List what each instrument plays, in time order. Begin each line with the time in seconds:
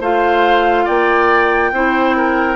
0.00 bassoon A3, clarinet F4, oboe C5, flute F5
0.85 bassoon A#3, oboe D5, flute G5
1.72 bassoon C4, clarinet E4, oboe C5
2.17 oboe A#4